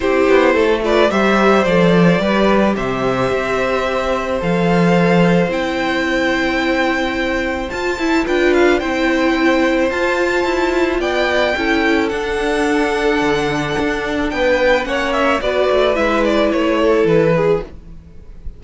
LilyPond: <<
  \new Staff \with { instrumentName = "violin" } { \time 4/4 \tempo 4 = 109 c''4. d''8 e''4 d''4~ | d''4 e''2. | f''2 g''2~ | g''2 a''4 g''8 f''8 |
g''2 a''2 | g''2 fis''2~ | fis''2 g''4 fis''8 e''8 | d''4 e''8 d''8 cis''4 b'4 | }
  \new Staff \with { instrumentName = "violin" } { \time 4/4 g'4 a'8 b'8 c''2 | b'4 c''2.~ | c''1~ | c''2. b'4 |
c''1 | d''4 a'2.~ | a'2 b'4 cis''4 | b'2~ b'8 a'4 gis'8 | }
  \new Staff \with { instrumentName = "viola" } { \time 4/4 e'4. f'8 g'4 a'4 | g'1 | a'2 e'2~ | e'2 f'8 e'8 f'4 |
e'2 f'2~ | f'4 e'4 d'2~ | d'2. cis'4 | fis'4 e'2. | }
  \new Staff \with { instrumentName = "cello" } { \time 4/4 c'8 b8 a4 g4 f4 | g4 c4 c'2 | f2 c'2~ | c'2 f'8 e'8 d'4 |
c'2 f'4 e'4 | b4 cis'4 d'2 | d4 d'4 b4 ais4 | b8 a8 gis4 a4 e4 | }
>>